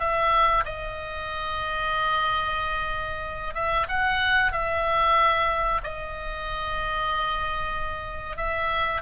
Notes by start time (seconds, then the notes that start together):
0.00 E5
0.66 D#5
3.55 E5
3.89 F#5
4.52 E5
5.84 D#5
8.37 E5